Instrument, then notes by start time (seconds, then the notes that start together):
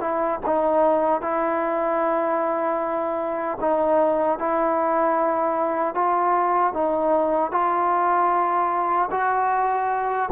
trombone
0.00 E4
0.45 D#4
1.21 E4
3.60 D#4
4.39 E4
5.95 F4
6.73 D#4
7.51 F4
9.11 F#4